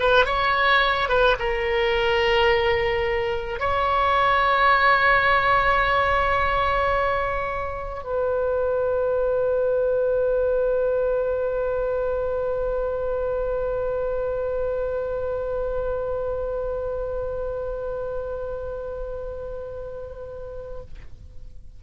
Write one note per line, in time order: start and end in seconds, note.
0.00 0.26 B4
0.26 1.09 C#5
1.09 1.37 B4
1.39 3.60 A#4
3.60 8.04 C#5
8.04 20.82 B4